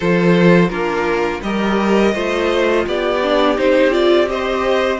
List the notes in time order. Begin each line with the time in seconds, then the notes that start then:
0.00 F3 F4 A4 C5
0.69 A#3 D4 F4 A#4
1.42 G3 G4 A#4 D#5
2.14 A3 F4 C5
2.86 B3 G4 D5
3.22 D4
3.56 C4 D#4 C5
3.90 F4 D5
4.26 G4 C5 D#5